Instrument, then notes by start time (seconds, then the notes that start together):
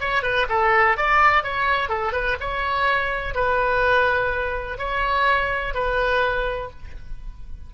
oboe
0.00 C#5
0.22 B4
0.49 A4
0.97 D5
1.43 C#5
1.89 A4
2.13 B4
2.40 C#5
3.34 B4
4.78 C#5
5.74 B4